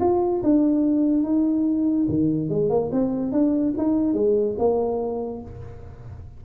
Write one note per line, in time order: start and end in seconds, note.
0.00 0.42 F4
0.43 1.23 D4
1.23 2.06 D#4
2.09 2.49 D#3
2.49 2.70 G#3
2.70 2.90 A#3
2.92 3.32 C4
3.32 3.74 D4
3.78 4.14 D#4
4.14 4.55 G#3
4.58 5.42 A#3